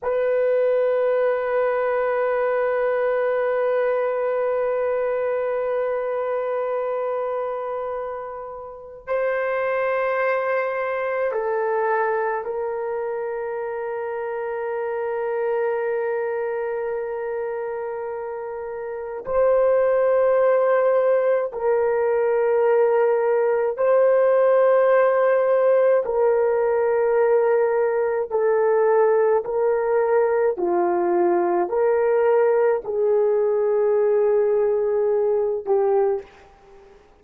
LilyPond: \new Staff \with { instrumentName = "horn" } { \time 4/4 \tempo 4 = 53 b'1~ | b'1 | c''2 a'4 ais'4~ | ais'1~ |
ais'4 c''2 ais'4~ | ais'4 c''2 ais'4~ | ais'4 a'4 ais'4 f'4 | ais'4 gis'2~ gis'8 g'8 | }